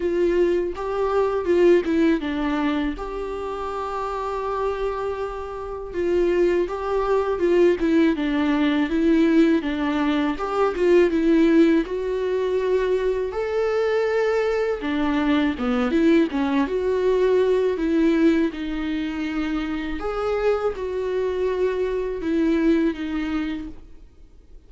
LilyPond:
\new Staff \with { instrumentName = "viola" } { \time 4/4 \tempo 4 = 81 f'4 g'4 f'8 e'8 d'4 | g'1 | f'4 g'4 f'8 e'8 d'4 | e'4 d'4 g'8 f'8 e'4 |
fis'2 a'2 | d'4 b8 e'8 cis'8 fis'4. | e'4 dis'2 gis'4 | fis'2 e'4 dis'4 | }